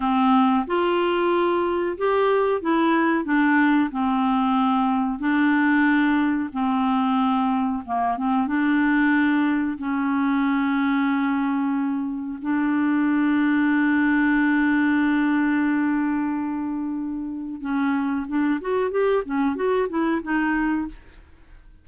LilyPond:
\new Staff \with { instrumentName = "clarinet" } { \time 4/4 \tempo 4 = 92 c'4 f'2 g'4 | e'4 d'4 c'2 | d'2 c'2 | ais8 c'8 d'2 cis'4~ |
cis'2. d'4~ | d'1~ | d'2. cis'4 | d'8 fis'8 g'8 cis'8 fis'8 e'8 dis'4 | }